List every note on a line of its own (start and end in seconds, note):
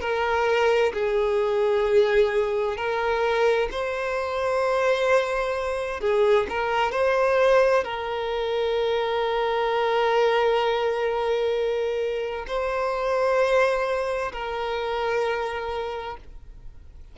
0.00 0.92 A#4
0.93 2.76 G#4
2.76 3.68 A#4
3.71 6.00 C5
6.00 6.46 G#4
6.49 6.91 A#4
6.91 7.83 C5
7.83 12.45 A#4
12.47 14.32 C5
14.32 16.17 A#4